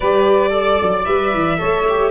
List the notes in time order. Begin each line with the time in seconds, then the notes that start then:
0.00 G3 G4 B4 D5
0.50 A4 D5
0.81 F#3
1.05 G3 B4 E5
1.33 E3
1.58 A3 A4 C#5
1.88 G4